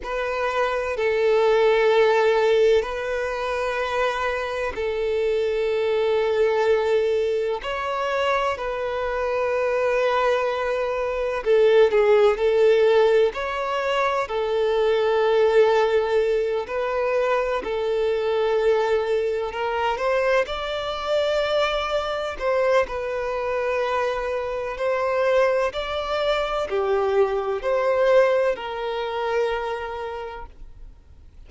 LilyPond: \new Staff \with { instrumentName = "violin" } { \time 4/4 \tempo 4 = 63 b'4 a'2 b'4~ | b'4 a'2. | cis''4 b'2. | a'8 gis'8 a'4 cis''4 a'4~ |
a'4. b'4 a'4.~ | a'8 ais'8 c''8 d''2 c''8 | b'2 c''4 d''4 | g'4 c''4 ais'2 | }